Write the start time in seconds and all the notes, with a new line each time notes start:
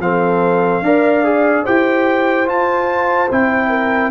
0.00 F3 C4 A4 F5
0.82 D4 A#4 D5
1.25 G#4
1.64 E4 G4 C5 G5
2.46 F4 A5
3.31 C4 E4 G5
3.70 A#4